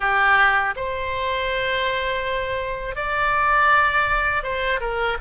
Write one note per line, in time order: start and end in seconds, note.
0.00 0.74 G4
0.75 2.95 C5
2.95 4.43 D5
4.43 4.80 C5
4.80 5.17 A#4